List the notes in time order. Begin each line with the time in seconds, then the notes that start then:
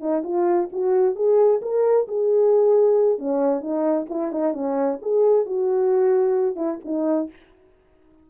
0.00 D#4
0.24 F4
0.72 F#4
1.15 G#4
1.62 A#4
2.08 G#4
3.18 C#4
3.61 D#4
4.09 E4
4.32 D#4
4.53 C#4
5.02 G#4
5.46 F#4
6.56 E4
6.84 D#4